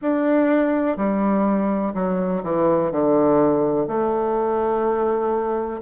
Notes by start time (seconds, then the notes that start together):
0.01 D4
0.97 G3
1.94 F#3
2.43 E3
2.91 D3
3.87 A3